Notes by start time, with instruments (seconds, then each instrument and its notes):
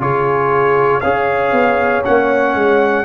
0.00 tuba C#3, trombone F4, horn G#4, trumpet C#5
1.01 tuba C#4, trombone G#4, horn C#5, trumpet F5
1.52 tuba B3
2.04 tuba A#3, trombone C#4, trumpet F#5
2.54 tuba G#3